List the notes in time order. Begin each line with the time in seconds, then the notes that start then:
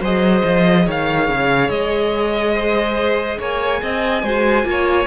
0.00 F#3 G#4 C5 D#5
0.45 F3
0.85 D#3 C#5 F5
1.29 C#3
1.69 G#3 D#5
2.54 C5
3.39 A#3 C#5 G#5
3.82 C4 D#5
4.23 G#3 F#4 C5
4.64 A#3 F4
4.70 C#5